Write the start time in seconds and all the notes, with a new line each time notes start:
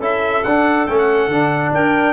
0.00 C#4 E4 A4 E5
0.44 D4 F#5
0.87 A3 C#4 G5
0.98 F#5
1.28 D3 D4
1.72 D4 A#4 G5